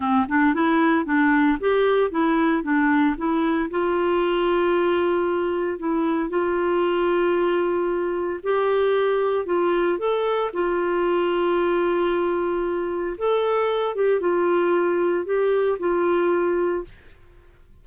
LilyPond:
\new Staff \with { instrumentName = "clarinet" } { \time 4/4 \tempo 4 = 114 c'8 d'8 e'4 d'4 g'4 | e'4 d'4 e'4 f'4~ | f'2. e'4 | f'1 |
g'2 f'4 a'4 | f'1~ | f'4 a'4. g'8 f'4~ | f'4 g'4 f'2 | }